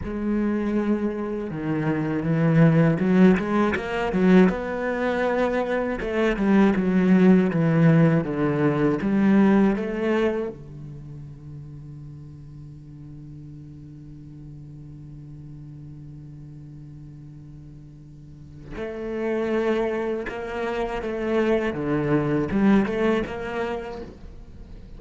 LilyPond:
\new Staff \with { instrumentName = "cello" } { \time 4/4 \tempo 4 = 80 gis2 dis4 e4 | fis8 gis8 ais8 fis8 b2 | a8 g8 fis4 e4 d4 | g4 a4 d2~ |
d1~ | d1~ | d4 a2 ais4 | a4 d4 g8 a8 ais4 | }